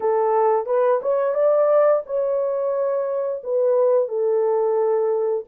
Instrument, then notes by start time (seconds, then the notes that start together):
horn
0.00 A4
0.66 B4
1.02 C#5
1.34 D5
2.06 C#5
3.43 B4
4.08 A4